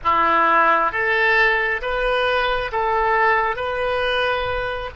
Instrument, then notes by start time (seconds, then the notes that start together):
oboe
0.04 E4
0.92 A4
1.82 B4
2.72 A4
3.56 B4